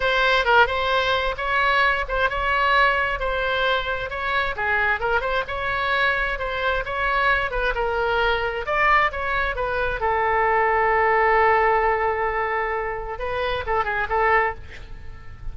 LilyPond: \new Staff \with { instrumentName = "oboe" } { \time 4/4 \tempo 4 = 132 c''4 ais'8 c''4. cis''4~ | cis''8 c''8 cis''2 c''4~ | c''4 cis''4 gis'4 ais'8 c''8 | cis''2 c''4 cis''4~ |
cis''8 b'8 ais'2 d''4 | cis''4 b'4 a'2~ | a'1~ | a'4 b'4 a'8 gis'8 a'4 | }